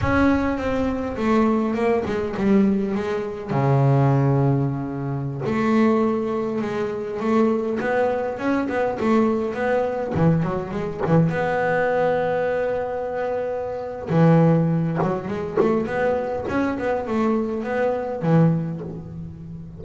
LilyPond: \new Staff \with { instrumentName = "double bass" } { \time 4/4 \tempo 4 = 102 cis'4 c'4 a4 ais8 gis8 | g4 gis4 cis2~ | cis4~ cis16 a2 gis8.~ | gis16 a4 b4 cis'8 b8 a8.~ |
a16 b4 e8 fis8 gis8 e8 b8.~ | b1 | e4. fis8 gis8 a8 b4 | cis'8 b8 a4 b4 e4 | }